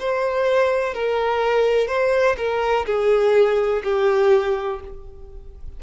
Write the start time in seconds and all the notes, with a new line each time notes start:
0.00 C5
0.94 A#4
1.88 C5
2.38 A#4
2.86 G#4
3.84 G4